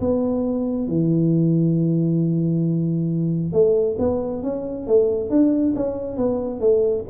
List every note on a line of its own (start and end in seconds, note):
0.00 0.87 B3
0.87 3.52 E3
3.52 3.96 A3
3.98 4.42 B3
4.42 4.86 C#4
4.87 5.29 A3
5.29 5.74 D4
5.76 6.16 C#4
6.16 6.60 B3
6.60 7.04 A3